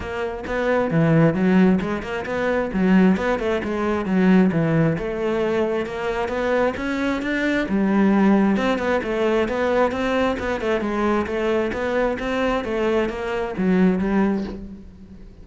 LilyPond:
\new Staff \with { instrumentName = "cello" } { \time 4/4 \tempo 4 = 133 ais4 b4 e4 fis4 | gis8 ais8 b4 fis4 b8 a8 | gis4 fis4 e4 a4~ | a4 ais4 b4 cis'4 |
d'4 g2 c'8 b8 | a4 b4 c'4 b8 a8 | gis4 a4 b4 c'4 | a4 ais4 fis4 g4 | }